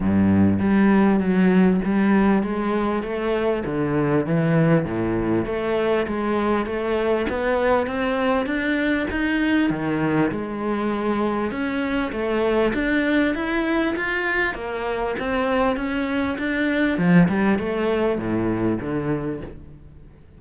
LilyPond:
\new Staff \with { instrumentName = "cello" } { \time 4/4 \tempo 4 = 99 g,4 g4 fis4 g4 | gis4 a4 d4 e4 | a,4 a4 gis4 a4 | b4 c'4 d'4 dis'4 |
dis4 gis2 cis'4 | a4 d'4 e'4 f'4 | ais4 c'4 cis'4 d'4 | f8 g8 a4 a,4 d4 | }